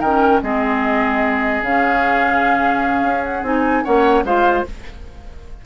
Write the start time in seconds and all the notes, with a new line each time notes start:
0.00 D#3 C#4 A#4 G5
0.42 G#3 C4 G#4 D#5
1.62 C#3 C#4 F5
3.03 C#4
3.25 F#5
3.43 C4 D#4 G#5
3.84 A#3 C#4 C#5 F#5
4.24 G#3 F4 C5 F5